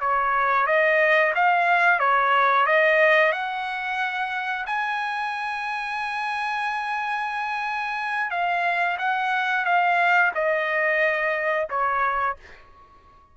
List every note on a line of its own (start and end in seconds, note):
0.00 0.66 C#5
0.66 1.33 D#5
1.35 1.99 F5
1.99 2.66 C#5
2.66 3.32 D#5
3.32 4.65 F#5
4.66 8.30 G#5
8.30 8.97 F5
8.98 9.65 F#5
9.65 10.31 F5
10.34 11.68 D#5
11.69 12.36 C#5